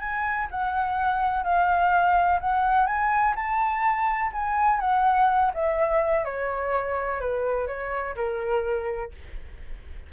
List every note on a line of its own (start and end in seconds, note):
0.00 0.48 G#5
0.51 1.44 F#5
1.44 2.40 F5
2.41 2.87 F#5
2.87 3.35 G#5
3.36 4.32 A5
4.33 4.80 G#5
4.80 5.52 F#5
5.54 6.25 E5
6.25 7.20 C#5
7.20 7.67 B4
7.67 8.15 C#5
8.16 9.12 A#4